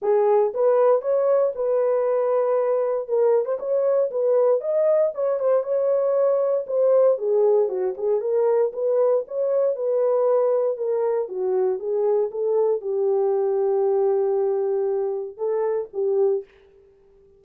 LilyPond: \new Staff \with { instrumentName = "horn" } { \time 4/4 \tempo 4 = 117 gis'4 b'4 cis''4 b'4~ | b'2 ais'8. c''16 cis''4 | b'4 dis''4 cis''8 c''8 cis''4~ | cis''4 c''4 gis'4 fis'8 gis'8 |
ais'4 b'4 cis''4 b'4~ | b'4 ais'4 fis'4 gis'4 | a'4 g'2.~ | g'2 a'4 g'4 | }